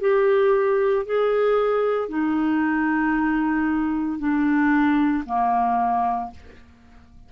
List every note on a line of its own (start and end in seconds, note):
0.00 1.05 G4
1.05 2.09 G#4
2.09 4.19 D#4
4.19 5.24 D4
5.25 6.31 A#3